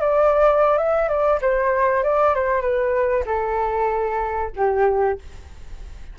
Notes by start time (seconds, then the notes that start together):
0.00 D5
0.78 E5
1.08 D5
1.41 C5
2.03 D5
2.34 C5
2.61 B4
3.26 A4
4.56 G4